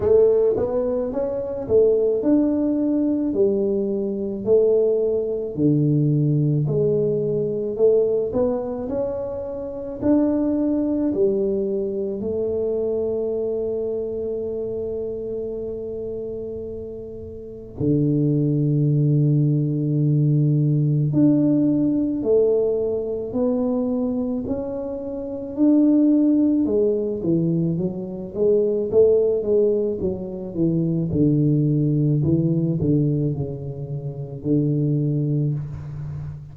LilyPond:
\new Staff \with { instrumentName = "tuba" } { \time 4/4 \tempo 4 = 54 a8 b8 cis'8 a8 d'4 g4 | a4 d4 gis4 a8 b8 | cis'4 d'4 g4 a4~ | a1 |
d2. d'4 | a4 b4 cis'4 d'4 | gis8 e8 fis8 gis8 a8 gis8 fis8 e8 | d4 e8 d8 cis4 d4 | }